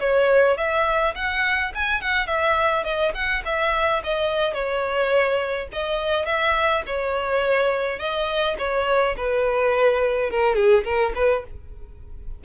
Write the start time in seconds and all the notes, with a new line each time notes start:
0.00 C#5
0.57 E5
1.15 F#5
1.74 G#5
2.01 F#5
2.27 E5
2.84 D#5
3.14 F#5
3.45 E5
4.03 D#5
4.53 C#5
5.72 D#5
6.25 E5
6.86 C#5
7.99 D#5
8.58 C#5
9.17 B4
10.30 A#4
10.55 G#4
10.84 A#4
11.15 B4